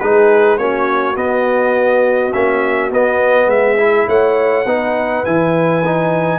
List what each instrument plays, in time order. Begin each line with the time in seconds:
0.00 tuba G#3, trombone D#4, horn G#4, trumpet B4
0.58 tuba A#3, trombone C#4, horn F#4, trumpet C#5
1.16 trombone B3, tuba B3, trumpet D#5
2.33 tuba A#3, trombone C#4, trumpet E5
2.91 tuba B3, trombone B3, trumpet D#5
3.47 tuba G#3, trumpet E5
3.56 horn G#4
3.78 trombone E4
4.08 tuba A3, horn C#5, trumpet F#5
4.66 tuba B3, trombone D#4, horn B4
5.25 tuba E3, trombone E4, trumpet G#5
5.85 trombone D#4